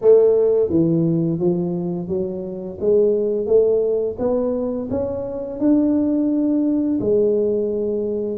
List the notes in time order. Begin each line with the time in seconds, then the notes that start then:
0.01 A3
0.69 E3
1.39 F3
2.08 F#3
2.80 G#3
3.46 A3
4.19 B3
4.90 C#4
5.59 D4
7.00 G#3